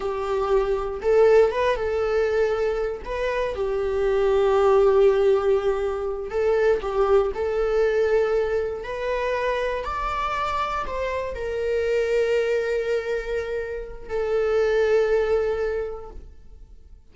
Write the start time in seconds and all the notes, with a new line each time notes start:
0.00 G4
1.02 A4
1.51 B4
1.75 A4
3.04 B4
3.54 G4
6.30 A4
6.81 G4
7.34 A4
8.83 B4
9.84 D5
10.86 C5
11.34 A#4
14.08 A4